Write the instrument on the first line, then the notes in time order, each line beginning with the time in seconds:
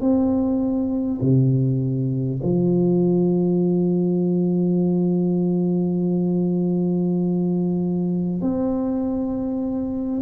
tuba
0.00 C4
1.21 C3
2.43 F3
8.41 C4